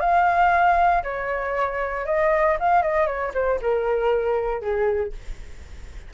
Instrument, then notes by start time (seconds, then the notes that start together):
flute
0.00 F5
1.03 C#5
2.06 D#5
2.60 F5
2.82 D#5
3.06 C#5
3.34 C5
3.62 A#4
4.61 G#4